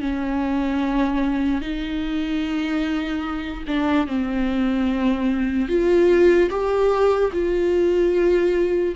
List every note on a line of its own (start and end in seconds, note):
0.00 1.61 C#4
1.61 3.63 D#4
3.67 4.07 D4
4.07 5.68 C4
5.68 6.49 F4
6.50 7.31 G4
7.32 8.94 F4